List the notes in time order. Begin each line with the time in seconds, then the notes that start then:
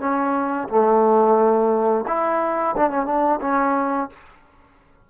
0.00 C#4
0.68 A3
2.07 E4
2.76 D4
2.90 C#4
3.06 D4
3.41 C#4